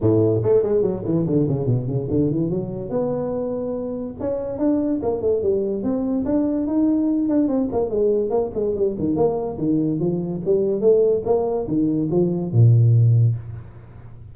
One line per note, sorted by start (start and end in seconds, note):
0.01 0.42 A2
0.42 0.62 A3
0.62 0.82 G#3
0.82 1.03 F#3
1.05 1.25 E3
1.26 1.47 D3
1.48 1.66 C#3
1.66 1.87 B2
1.87 2.08 C#3
2.09 2.30 D3
2.30 2.50 E3
2.50 2.89 F#3
2.89 4.14 B3
4.20 4.58 C#4
4.58 5.00 D4
5.02 5.21 A#3
5.21 5.42 A3
5.42 5.83 G3
5.83 6.25 C4
6.25 6.66 D4
6.66 7.29 D#4
7.29 7.48 D4
7.48 7.69 C4
7.72 7.90 A#3
7.90 8.30 G#3
8.30 8.50 A#3
8.54 8.75 G#3
8.75 8.96 G3
8.98 9.16 D#3
9.16 9.57 A#3
9.58 9.99 D#3
9.99 10.41 F3
10.45 10.80 G3
10.80 11.22 A3
11.25 11.67 A#3
11.67 12.09 D#3
12.10 12.52 F3
12.52 13.35 A#2